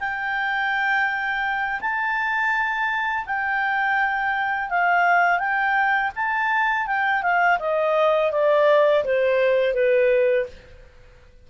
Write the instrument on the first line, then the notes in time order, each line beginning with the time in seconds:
clarinet
0.00 G5
1.81 A5
3.26 G5
4.70 F5
5.39 G5
6.16 A5
6.87 G5
7.23 F5
7.59 D#5
8.32 D5
9.05 C5
9.74 B4